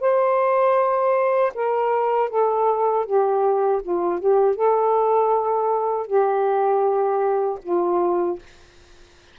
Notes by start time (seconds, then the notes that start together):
0.00 C5
1.54 A#4
2.29 A4
3.05 G4
3.82 F4
4.19 G4
4.55 A4
6.07 G4
7.63 F4